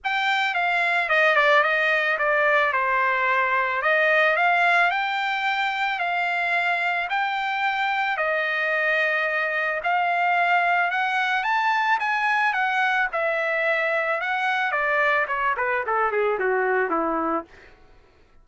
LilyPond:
\new Staff \with { instrumentName = "trumpet" } { \time 4/4 \tempo 4 = 110 g''4 f''4 dis''8 d''8 dis''4 | d''4 c''2 dis''4 | f''4 g''2 f''4~ | f''4 g''2 dis''4~ |
dis''2 f''2 | fis''4 a''4 gis''4 fis''4 | e''2 fis''4 d''4 | cis''8 b'8 a'8 gis'8 fis'4 e'4 | }